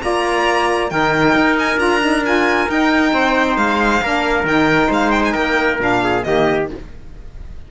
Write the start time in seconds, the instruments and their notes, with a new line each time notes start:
0.00 cello A#3, saxophone F4, trumpet D5, violin A#5
0.90 cello D#3, saxophone D#4, trumpet A#4, violin G5
1.36 cello D#4
1.59 violin G#5
1.78 cello D4, saxophone F4, violin A#5
2.01 saxophone D#4
2.24 saxophone F4, violin G#5
2.68 saxophone D#4, cello D#4, violin G5
3.13 cello C4, trumpet C5
3.57 cello G#3, violin F5
4.02 cello A#3, saxophone D4, trumpet A#4
4.44 cello D#3, saxophone D#4, violin G5
4.88 cello G#3, trumpet C5, violin F5
5.11 violin G5
5.25 violin G#5
5.33 cello A#3, trumpet A#4, violin G5
5.79 cello A#2, saxophone D4, violin F5
6.04 trumpet G#4
6.23 cello D#3, saxophone A#3, trumpet G4, violin D#5